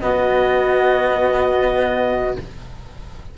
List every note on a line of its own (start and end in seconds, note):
0.00 2.37 B2
0.00 2.37 B3
0.00 2.37 F#4
0.00 2.35 D#5